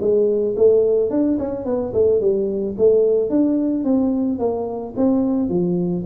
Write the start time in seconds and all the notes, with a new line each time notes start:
0.00 G#3
0.56 A3
1.10 D4
1.38 C#4
1.65 B3
1.93 A3
2.21 G3
2.78 A3
3.30 D4
3.84 C4
4.39 A#3
4.96 C4
5.49 F3